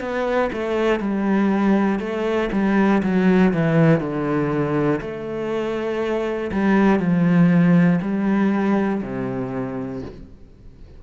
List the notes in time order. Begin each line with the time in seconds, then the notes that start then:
0.00 B3
0.52 A3
1.00 G3
2.00 A3
2.52 G3
3.03 F#3
3.54 E3
4.00 D3
5.01 A3
6.52 G3
7.00 F3
8.02 G3
9.02 C3